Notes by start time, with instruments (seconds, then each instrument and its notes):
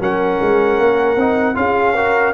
0.00 tuba F#3, trombone C#4, horn A#4, trumpet F#5
0.41 tuba G#3
0.79 tuba A#3
1.17 tuba C4, trombone D#4
1.55 tuba C#4, trombone F4, horn G#4, trumpet F5
1.96 trombone F#4, horn A#4